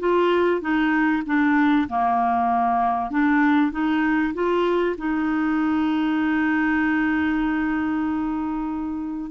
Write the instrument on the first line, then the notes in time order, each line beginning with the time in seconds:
clarinet
0.00 F4
0.61 D#4
1.26 D4
1.89 A#3
3.11 D4
3.72 D#4
4.34 F4
4.98 D#4